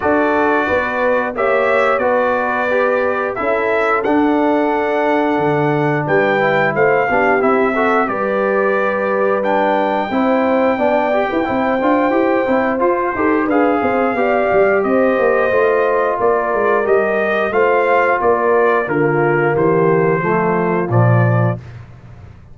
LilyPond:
<<
  \new Staff \with { instrumentName = "trumpet" } { \time 4/4 \tempo 4 = 89 d''2 e''4 d''4~ | d''4 e''4 fis''2~ | fis''4 g''4 f''4 e''4 | d''2 g''2~ |
g''2. c''4 | f''2 dis''2 | d''4 dis''4 f''4 d''4 | ais'4 c''2 d''4 | }
  \new Staff \with { instrumentName = "horn" } { \time 4/4 a'4 b'4 cis''4 b'4~ | b'4 a'2.~ | a'4 b'4 c''8 g'4 a'8 | b'2. c''4 |
d''8. b'16 c''2~ c''8 a'8 | b'8 c''8 d''4 c''2 | ais'2 c''4 ais'4 | f'4 g'4 f'2 | }
  \new Staff \with { instrumentName = "trombone" } { \time 4/4 fis'2 g'4 fis'4 | g'4 e'4 d'2~ | d'4. e'4 d'8 e'8 fis'8 | g'2 d'4 e'4 |
d'8 g'8 e'8 f'8 g'8 e'8 f'8 g'8 | gis'4 g'2 f'4~ | f'4 g'4 f'2 | ais2 a4 f4 | }
  \new Staff \with { instrumentName = "tuba" } { \time 4/4 d'4 b4 ais4 b4~ | b4 cis'4 d'2 | d4 g4 a8 b8 c'4 | g2. c'4 |
b8. e'16 c'8 d'8 e'8 c'8 f'8 dis'8 | d'8 c'8 b8 g8 c'8 ais8 a4 | ais8 gis8 g4 a4 ais4 | d4 e4 f4 ais,4 | }
>>